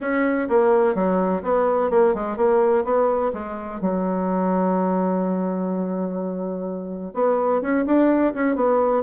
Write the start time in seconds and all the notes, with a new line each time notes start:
0.00 C#4
0.48 A#3
0.94 F#3
1.42 B3
1.90 A#3
2.14 G#3
2.36 A#3
2.84 B3
3.33 G#3
3.81 F#3
7.14 B3
7.61 C#4
7.86 D4
8.34 C#4
8.55 B3